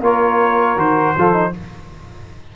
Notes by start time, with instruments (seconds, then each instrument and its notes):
0.00 tuba A#3, trombone F4, saxophone A#4, trumpet C#5
0.76 tuba D#3, trombone F#4, trumpet C5
1.15 tuba F3, trombone F4, saxophone A4
1.32 trombone D#4